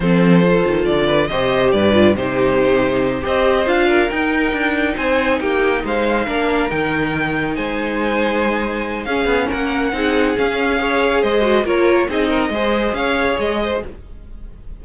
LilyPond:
<<
  \new Staff \with { instrumentName = "violin" } { \time 4/4 \tempo 4 = 139 c''2 d''4 dis''4 | d''4 c''2~ c''8 dis''8~ | dis''8 f''4 g''2 gis''8~ | gis''8 g''4 f''2 g''8~ |
g''4. gis''2~ gis''8~ | gis''4 f''4 fis''2 | f''2 dis''4 cis''4 | dis''2 f''4 dis''4 | }
  \new Staff \with { instrumentName = "violin" } { \time 4/4 a'2~ a'8 b'8 c''4 | b'4 g'2~ g'8 c''8~ | c''4 ais'2~ ais'8 c''8~ | c''8 g'4 c''4 ais'4.~ |
ais'4. c''2~ c''8~ | c''4 gis'4 ais'4 gis'4~ | gis'4 cis''4 c''4 ais'4 | gis'8 ais'8 c''4 cis''4. c''8 | }
  \new Staff \with { instrumentName = "viola" } { \time 4/4 c'4 f'2 g'4~ | g'8 f'8 dis'2~ dis'8 g'8~ | g'8 f'4 dis'2~ dis'8~ | dis'2~ dis'8 d'4 dis'8~ |
dis'1~ | dis'4 cis'2 dis'4 | cis'4 gis'4. fis'8 f'4 | dis'4 gis'2. | }
  \new Staff \with { instrumentName = "cello" } { \time 4/4 f4. dis8 d4 c4 | g,4 c2~ c8 c'8~ | c'8 d'4 dis'4 d'4 c'8~ | c'8 ais4 gis4 ais4 dis8~ |
dis4. gis2~ gis8~ | gis4 cis'8 b8 ais4 c'4 | cis'2 gis4 ais4 | c'4 gis4 cis'4 gis4 | }
>>